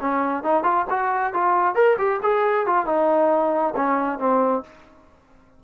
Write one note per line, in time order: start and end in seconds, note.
0.00 0.44 C#4
0.44 0.63 D#4
0.63 0.85 F4
0.90 1.33 F#4
1.33 1.75 F4
1.75 1.97 A#4
1.98 2.20 G4
2.22 2.66 G#4
2.66 2.86 F4
2.86 3.74 D#4
3.76 4.19 C#4
4.19 4.63 C4